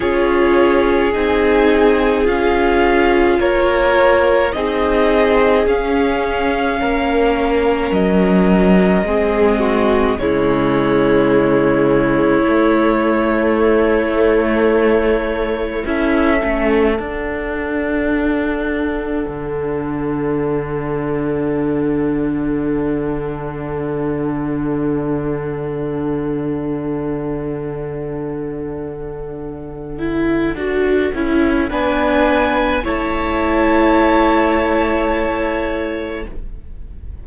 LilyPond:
<<
  \new Staff \with { instrumentName = "violin" } { \time 4/4 \tempo 4 = 53 cis''4 gis''4 f''4 cis''4 | dis''4 f''2 dis''4~ | dis''4 cis''2.~ | cis''2 e''4 fis''4~ |
fis''1~ | fis''1~ | fis''1 | gis''4 a''2. | }
  \new Staff \with { instrumentName = "violin" } { \time 4/4 gis'2. ais'4 | gis'2 ais'2 | gis'8 fis'8 e'2.~ | e'2 a'2~ |
a'1~ | a'1~ | a'1 | b'4 cis''2. | }
  \new Staff \with { instrumentName = "viola" } { \time 4/4 f'4 dis'4 f'2 | dis'4 cis'2. | c'4 gis2 a4~ | a2 e'8 cis'8 d'4~ |
d'1~ | d'1~ | d'2~ d'8 e'8 fis'8 e'8 | d'4 e'2. | }
  \new Staff \with { instrumentName = "cello" } { \time 4/4 cis'4 c'4 cis'4 ais4 | c'4 cis'4 ais4 fis4 | gis4 cis2 a4~ | a2 cis'8 a8 d'4~ |
d'4 d2.~ | d1~ | d2. d'8 cis'8 | b4 a2. | }
>>